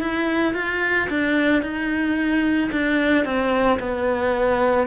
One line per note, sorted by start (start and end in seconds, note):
0.00 0.54 E4
0.54 1.08 F4
1.10 1.63 D4
1.63 2.71 D#4
2.72 3.25 D4
3.25 3.79 C4
3.79 4.87 B3